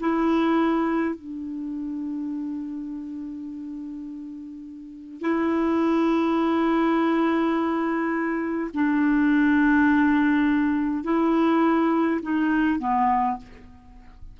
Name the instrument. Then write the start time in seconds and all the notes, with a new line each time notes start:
clarinet
0.00 E4
1.15 D4
5.21 E4
8.74 D4
11.04 E4
12.23 D#4
12.79 B3